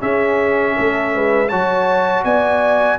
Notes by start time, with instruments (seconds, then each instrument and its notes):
0.00 trombone C#4, tuba C#4, horn G#4, trumpet E5
0.77 tuba A3, horn A4
1.15 tuba G#3, horn B4
1.49 tuba F#3, trombone F#4, horn C#5, trumpet A5
2.24 tuba B3, horn D5, trumpet G#5